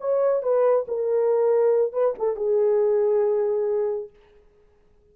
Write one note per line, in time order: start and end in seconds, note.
0.00 0.42 C#5
0.42 0.86 B4
0.87 1.92 A#4
1.92 2.14 B4
2.18 2.36 A4
2.36 4.10 G#4